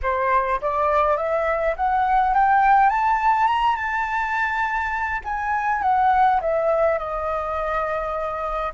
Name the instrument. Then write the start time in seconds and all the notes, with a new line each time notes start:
flute
0.02 C5
0.61 D5
1.17 E5
1.76 F#5
2.34 G5
2.89 A5
3.47 A#5
3.76 A5
5.24 G#5
5.82 F#5
6.41 E5
6.98 D#5